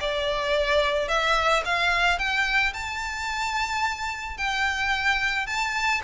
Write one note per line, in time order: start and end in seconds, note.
0.00 1.08 D5
1.08 1.63 E5
1.65 2.18 F5
2.18 2.73 G5
2.73 4.37 A5
4.37 5.46 G5
5.46 6.01 A5